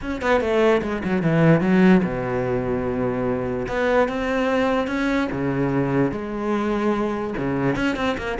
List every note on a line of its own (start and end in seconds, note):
0.01 0.21 C#4
0.21 0.41 B3
0.41 0.81 A3
0.81 1.02 G#3
1.04 1.22 F#3
1.22 1.60 E3
1.60 2.01 F#3
2.03 3.66 B2
3.68 4.08 B3
4.08 4.87 C4
4.87 5.28 C#4
5.31 6.11 C#3
6.11 7.34 G#3
7.37 7.75 C#3
7.75 7.95 C#4
7.95 8.16 C4
8.17 8.38 A#3